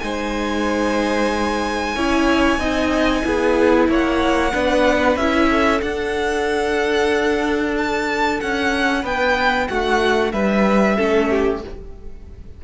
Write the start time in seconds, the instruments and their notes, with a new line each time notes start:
0.00 cello G#3, viola D#4, violin C5 G#5
1.96 cello C#4, viola E4, violin C#5
2.58 cello C4, viola D#4, violin D#5
3.24 cello B3, viola E4, violin G#4
3.89 cello A#3, violin C#5 F#5
4.54 cello B3, viola D4, violin B4
5.17 cello C#4, viola E4, violin E5
5.49 violin A4
5.81 viola D4, cello D4, violin F#5
7.78 violin A5
8.41 cello C#4, violin F#5
9.02 cello B3, violin B4 G5
9.68 cello A3, violin F#4 F#5
10.32 cello G3, violin B4 E5
10.97 cello A3, viola C#4, violin A4
11.30 violin G4